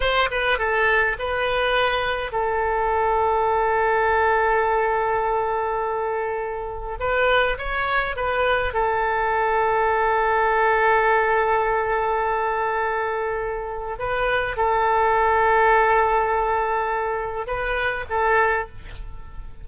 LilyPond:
\new Staff \with { instrumentName = "oboe" } { \time 4/4 \tempo 4 = 103 c''8 b'8 a'4 b'2 | a'1~ | a'1 | b'4 cis''4 b'4 a'4~ |
a'1~ | a'1 | b'4 a'2.~ | a'2 b'4 a'4 | }